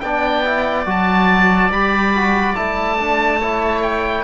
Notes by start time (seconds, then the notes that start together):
0.00 B3 D4 D5 G5
0.45 E4
0.86 F#3 F#4 A5
1.70 G3 G4 B5
2.15 F#4
2.55 A3 E4 A5
2.99 D4
3.40 E4 C#5
3.82 G5